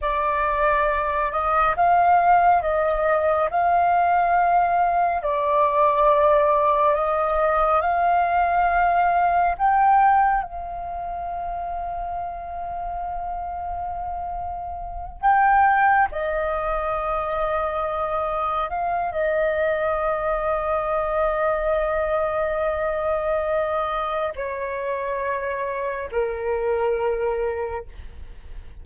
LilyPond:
\new Staff \with { instrumentName = "flute" } { \time 4/4 \tempo 4 = 69 d''4. dis''8 f''4 dis''4 | f''2 d''2 | dis''4 f''2 g''4 | f''1~ |
f''4. g''4 dis''4.~ | dis''4. f''8 dis''2~ | dis''1 | cis''2 ais'2 | }